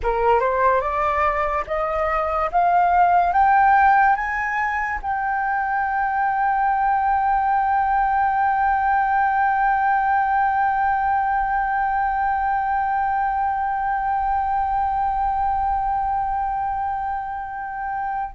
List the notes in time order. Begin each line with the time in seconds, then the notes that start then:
0.02 A#4
0.39 C5
0.81 D5
1.67 D#5
2.51 F5
3.32 G5
4.15 G#5
5.02 G5